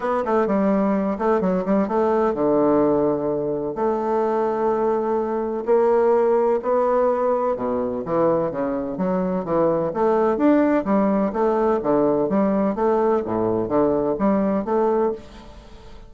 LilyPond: \new Staff \with { instrumentName = "bassoon" } { \time 4/4 \tempo 4 = 127 b8 a8 g4. a8 fis8 g8 | a4 d2. | a1 | ais2 b2 |
b,4 e4 cis4 fis4 | e4 a4 d'4 g4 | a4 d4 g4 a4 | a,4 d4 g4 a4 | }